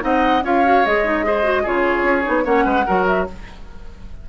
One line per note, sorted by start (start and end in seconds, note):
0.00 0.42 C4
0.00 0.41 D#4
0.00 0.44 D#5
0.00 0.44 F#5
0.42 0.83 C#4
0.42 0.64 F4
0.42 1.25 C#5
0.42 0.85 F5
0.64 0.84 F#4
0.85 1.67 G#3
0.85 1.04 G#4
0.85 1.66 D#5
1.04 1.24 D#4
1.24 1.43 G#4
1.24 1.62 C5
1.43 1.63 F#4
1.62 2.03 C#3
1.62 2.23 F4
1.62 2.43 G#4
1.62 2.45 C#5
2.03 2.23 C#4
2.23 2.45 B3
2.23 2.43 D#4
2.43 2.65 A#3
2.43 2.84 C#4
2.43 2.64 C#5
2.43 3.06 F#5
2.64 2.85 G#3
2.64 2.85 B4
2.86 3.29 F#3
2.86 3.27 F#4
2.86 3.26 A#4
3.06 3.27 E5